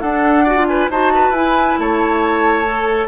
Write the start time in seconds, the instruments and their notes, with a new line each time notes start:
0.00 bassoon D4, clarinet D4, oboe A4, flute F#5
0.44 clarinet F#4, oboe D5
0.56 clarinet F4
0.67 oboe B4, flute G#5
0.90 bassoon D#4, clarinet F#4, oboe C5, flute A5
1.14 oboe B4
1.30 bassoon E4, clarinet E4, flute G#5
1.78 bassoon A3, oboe C#5, flute A5
2.66 clarinet A4